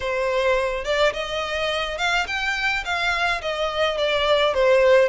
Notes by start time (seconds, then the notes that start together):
0.00 C5
0.84 D5
1.13 D#5
1.98 F5
2.27 G5
2.84 F5
3.41 D#5
3.97 D5
4.53 C5